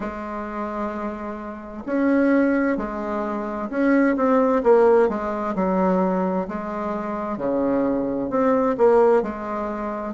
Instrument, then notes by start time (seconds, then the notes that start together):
bassoon
0.00 G#3
1.85 C#4
2.77 G#3
3.70 C#4
4.16 C4
4.63 A#3
5.08 G#3
5.55 F#3
6.47 G#3
7.37 C#3
8.30 C4
8.77 A#3
9.22 G#3